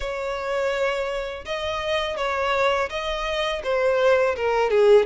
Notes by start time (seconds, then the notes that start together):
0.00 C#5
1.45 D#5
2.17 C#5
2.89 D#5
3.63 C5
4.36 A#4
4.70 G#4